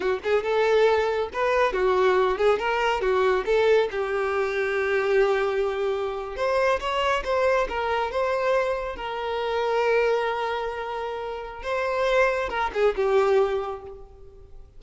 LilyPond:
\new Staff \with { instrumentName = "violin" } { \time 4/4 \tempo 4 = 139 fis'8 gis'8 a'2 b'4 | fis'4. gis'8 ais'4 fis'4 | a'4 g'2.~ | g'2~ g'8. c''4 cis''16~ |
cis''8. c''4 ais'4 c''4~ c''16~ | c''8. ais'2.~ ais'16~ | ais'2. c''4~ | c''4 ais'8 gis'8 g'2 | }